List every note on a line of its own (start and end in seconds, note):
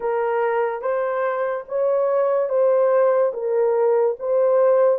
0.00 0.81 A#4
0.81 1.64 C5
1.68 2.48 C#5
2.48 3.32 C5
3.33 4.16 A#4
4.19 4.98 C5